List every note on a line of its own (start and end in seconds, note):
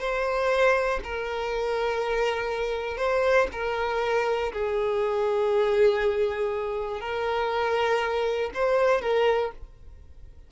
0.00 1.00 C5
1.04 2.97 A#4
2.97 3.47 C5
3.52 4.52 A#4
4.52 7.00 G#4
7.00 8.50 A#4
8.54 9.01 C5
9.01 9.51 A#4